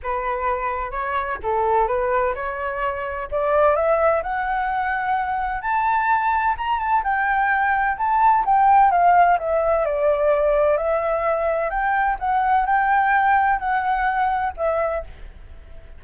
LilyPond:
\new Staff \with { instrumentName = "flute" } { \time 4/4 \tempo 4 = 128 b'2 cis''4 a'4 | b'4 cis''2 d''4 | e''4 fis''2. | a''2 ais''8 a''8 g''4~ |
g''4 a''4 g''4 f''4 | e''4 d''2 e''4~ | e''4 g''4 fis''4 g''4~ | g''4 fis''2 e''4 | }